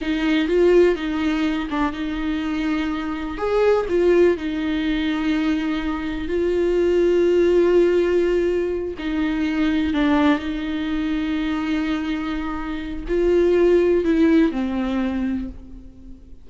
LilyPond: \new Staff \with { instrumentName = "viola" } { \time 4/4 \tempo 4 = 124 dis'4 f'4 dis'4. d'8 | dis'2. gis'4 | f'4 dis'2.~ | dis'4 f'2.~ |
f'2~ f'8 dis'4.~ | dis'8 d'4 dis'2~ dis'8~ | dis'2. f'4~ | f'4 e'4 c'2 | }